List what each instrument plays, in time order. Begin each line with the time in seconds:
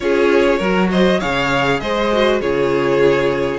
0.00 cello C#4, viola F4, violin G#4 C#5
0.58 cello F#3, viola F#4, violin A#4
0.91 violin C5 D#5
1.19 cello C#3, viola G#4, violin C#5 F5
1.80 cello G#3, violin C5 D#5
2.12 viola F#4
2.40 cello C#3, viola F4, violin G#4 C#5